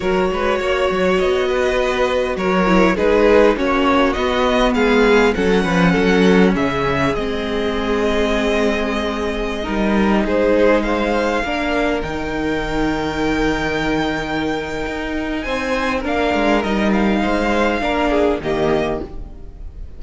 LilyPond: <<
  \new Staff \with { instrumentName = "violin" } { \time 4/4 \tempo 4 = 101 cis''2 dis''2 | cis''4 b'4 cis''4 dis''4 | f''4 fis''2 e''4 | dis''1~ |
dis''4~ dis''16 c''4 f''4.~ f''16~ | f''16 g''2.~ g''8.~ | g''2 gis''4 f''4 | dis''8 f''2~ f''8 dis''4 | }
  \new Staff \with { instrumentName = "violin" } { \time 4/4 ais'8 b'8 cis''4. b'4. | ais'4 gis'4 fis'2 | gis'4 a'8 b'8 a'4 gis'4~ | gis'1~ |
gis'16 ais'4 gis'4 c''4 ais'8.~ | ais'1~ | ais'2 c''4 ais'4~ | ais'4 c''4 ais'8 gis'8 g'4 | }
  \new Staff \with { instrumentName = "viola" } { \time 4/4 fis'1~ | fis'8 e'8 dis'4 cis'4 b4~ | b4 cis'2. | c'1~ |
c'16 dis'2. d'8.~ | d'16 dis'2.~ dis'8.~ | dis'2. d'4 | dis'2 d'4 ais4 | }
  \new Staff \with { instrumentName = "cello" } { \time 4/4 fis8 gis8 ais8 fis8 b2 | fis4 gis4 ais4 b4 | gis4 fis8 f8 fis4 cis4 | gis1~ |
gis16 g4 gis2 ais8.~ | ais16 dis2.~ dis8.~ | dis4 dis'4 c'4 ais8 gis8 | g4 gis4 ais4 dis4 | }
>>